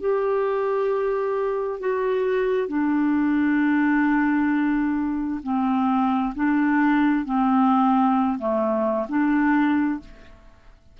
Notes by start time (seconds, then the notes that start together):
0.00 G4
1.80 F#4
2.68 D4
5.43 C4
6.35 D4
7.25 C4
8.38 A3
9.09 D4